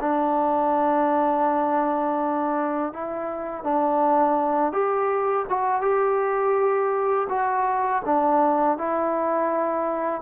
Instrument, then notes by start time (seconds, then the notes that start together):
trombone
0.00 D4
2.93 E4
3.64 D4
4.72 G4
5.49 F#4
5.81 G4
7.29 F#4
8.05 D4
8.77 E4